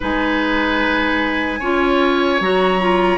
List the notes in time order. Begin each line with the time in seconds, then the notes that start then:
0.00 G#3 D#4 B4 G#5
1.59 C#4 F4 C#5
2.40 F#3 F#4 A#5
2.80 F4